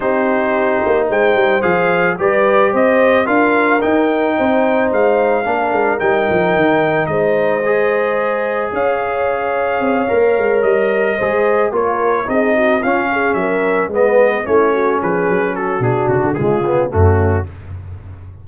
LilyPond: <<
  \new Staff \with { instrumentName = "trumpet" } { \time 4/4 \tempo 4 = 110 c''2 g''4 f''4 | d''4 dis''4 f''4 g''4~ | g''4 f''2 g''4~ | g''4 dis''2. |
f''2.~ f''8 dis''8~ | dis''4. cis''4 dis''4 f''8~ | f''8 e''4 dis''4 cis''4 b'8~ | b'8 a'8 gis'8 fis'8 gis'4 fis'4 | }
  \new Staff \with { instrumentName = "horn" } { \time 4/4 g'2 c''2 | b'4 c''4 ais'2 | c''2 ais'2~ | ais'4 c''2. |
cis''1~ | cis''8 c''4 ais'4 gis'8 fis'8 f'8 | gis'8 ais'4 b'4 e'8 fis'8 gis'8~ | gis'8 fis'4. f'4 cis'4 | }
  \new Staff \with { instrumentName = "trombone" } { \time 4/4 dis'2. gis'4 | g'2 f'4 dis'4~ | dis'2 d'4 dis'4~ | dis'2 gis'2~ |
gis'2~ gis'8 ais'4.~ | ais'8 gis'4 f'4 dis'4 cis'8~ | cis'4. b4 cis'4.~ | cis'4 d'4 gis8 b8 a4 | }
  \new Staff \with { instrumentName = "tuba" } { \time 4/4 c'4. ais8 gis8 g8 f4 | g4 c'4 d'4 dis'4 | c'4 gis4 ais8 gis8 g8 f8 | dis4 gis2. |
cis'2 c'8 ais8 gis8 g8~ | g8 gis4 ais4 c'4 cis'8~ | cis'8 fis4 gis4 a4 f8 | fis4 b,8 cis16 d16 cis4 fis,4 | }
>>